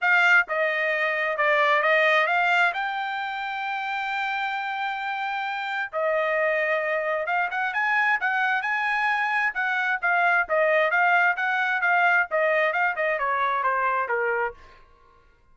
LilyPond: \new Staff \with { instrumentName = "trumpet" } { \time 4/4 \tempo 4 = 132 f''4 dis''2 d''4 | dis''4 f''4 g''2~ | g''1~ | g''4 dis''2. |
f''8 fis''8 gis''4 fis''4 gis''4~ | gis''4 fis''4 f''4 dis''4 | f''4 fis''4 f''4 dis''4 | f''8 dis''8 cis''4 c''4 ais'4 | }